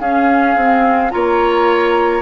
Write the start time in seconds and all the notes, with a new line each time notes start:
0.00 C#4 G#4 F5
0.56 C4
1.11 A#3 F4 C#5 A#5